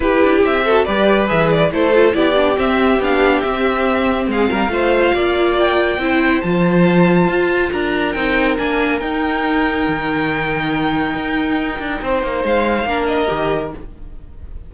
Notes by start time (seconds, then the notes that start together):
0.00 E4 G4 B4
0.21 D4
0.43 C4 E5
0.64 F#4 A4
0.84 G3 G4 B4 D5
1.26 E3 G#4 E5
1.50 D5
1.71 A3 E4 A4 C5
1.94 F4
2.12 B3 E4 G4 D5
2.36 D4
2.55 C4 E5
2.99 B3 D4 F5
3.41 C4 E5
4.27 G#3 G#4 F5
4.49 G3 A#4
4.68 A3 F4 C5
5.14 A#3 D5
5.59 G5
5.97 C4 E4 C5
6.41 F3 F4 A5
7.28 F4
7.72 D4 A#4 A#5
8.12 C4 D#4 G5
8.57 A#3 D4 G#5
8.98 D#4 G5
9.87 D#3
11.14 D#4
11.79 D4
12.01 C4 C5
12.22 A#3
12.44 G#3 F5
12.84 A#3 D4 A#4
13.06 D#5
13.26 D#3 G4